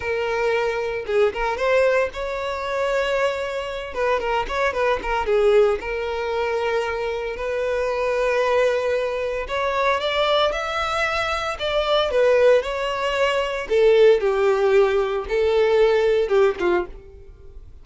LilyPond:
\new Staff \with { instrumentName = "violin" } { \time 4/4 \tempo 4 = 114 ais'2 gis'8 ais'8 c''4 | cis''2.~ cis''8 b'8 | ais'8 cis''8 b'8 ais'8 gis'4 ais'4~ | ais'2 b'2~ |
b'2 cis''4 d''4 | e''2 d''4 b'4 | cis''2 a'4 g'4~ | g'4 a'2 g'8 f'8 | }